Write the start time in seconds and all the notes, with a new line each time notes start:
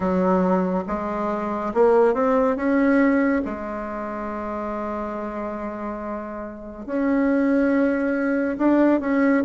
0.00 F#3
0.86 G#3
1.74 A#3
2.14 C4
2.56 C#4
3.44 G#3
6.86 C#4
8.58 D4
9.00 C#4